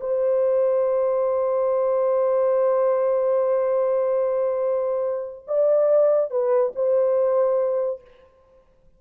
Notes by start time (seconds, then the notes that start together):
0.00 C5
5.47 D5
6.30 B4
6.75 C5